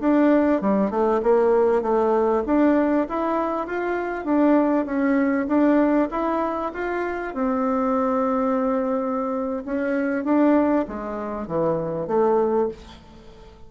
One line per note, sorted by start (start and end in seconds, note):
0.00 0.61 D4
0.61 0.91 G3
0.91 1.21 A3
1.23 1.82 A#3
1.82 2.44 A3
2.46 3.07 D4
3.09 3.67 E4
3.67 4.25 F4
4.25 4.86 D4
4.86 5.47 C#4
5.48 6.09 D4
6.11 6.72 E4
6.74 7.34 F4
7.34 9.64 C4
9.65 10.25 C#4
10.25 10.86 D4
10.88 11.47 G#3
11.47 12.08 E3
12.08 12.69 A3